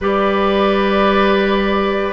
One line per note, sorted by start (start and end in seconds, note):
0.00 2.12 G3
0.00 2.12 G4
0.00 2.12 B4
0.00 2.12 D5